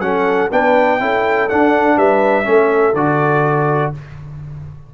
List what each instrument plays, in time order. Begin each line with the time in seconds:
0.00 tuba F#3, trombone C#4, horn A4, trumpet F#5
0.52 tuba B3, trombone D4, horn B4, trumpet G5
1.00 tuba C#4, trombone E4, horn A4
1.49 trombone D4, tuba D4, trumpet F#5
1.97 tuba G3, horn B4, trumpet E5
2.44 tuba A3, trombone C#4, horn A4
2.94 tuba D3, trombone F#4, trumpet D5